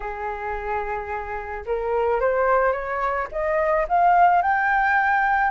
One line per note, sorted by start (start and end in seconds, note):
0.00 1.64 G#4
1.65 2.20 A#4
2.20 2.72 C5
2.72 3.27 C#5
3.31 3.86 D#5
3.88 4.42 F5
4.42 5.50 G5